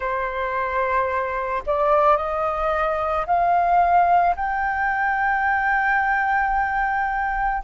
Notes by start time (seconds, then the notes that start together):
0.00 C5
1.66 D5
2.17 D#5
3.26 F5
4.36 G5